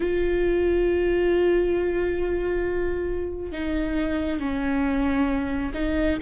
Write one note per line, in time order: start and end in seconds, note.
0.00 3.51 F4
3.51 4.39 D#4
4.39 5.72 C#4
5.74 6.18 D#4